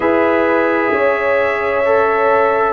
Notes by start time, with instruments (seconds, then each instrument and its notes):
0.00 tuba E4, trombone G#4, horn B4, trumpet E5
0.91 tuba C#4, horn C#5
1.84 trombone A4